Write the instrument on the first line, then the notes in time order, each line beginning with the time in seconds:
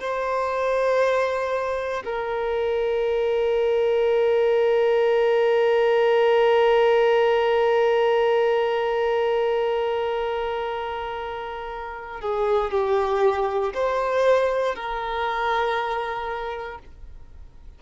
violin
0.00 C5
2.05 A#4
12.21 G#4
12.71 G4
13.74 C5
14.75 A#4